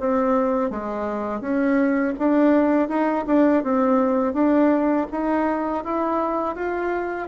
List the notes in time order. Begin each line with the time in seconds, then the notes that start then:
0.00 C4
0.71 G#3
1.41 C#4
2.19 D4
2.89 D#4
3.27 D4
3.64 C4
4.34 D4
5.12 D#4
5.85 E4
6.56 F4